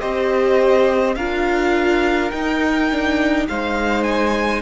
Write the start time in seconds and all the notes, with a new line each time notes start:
0.00 C4 G4 C5 D#5
1.15 D4 F4 A#4 F5
2.31 D#4 G5
2.91 D4
3.48 G#3 D#4 C5 F5
4.03 G#5